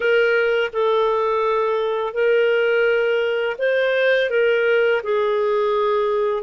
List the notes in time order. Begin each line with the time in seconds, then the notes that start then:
0.00 A#4
0.72 A4
2.13 A#4
3.58 C5
4.30 A#4
5.03 G#4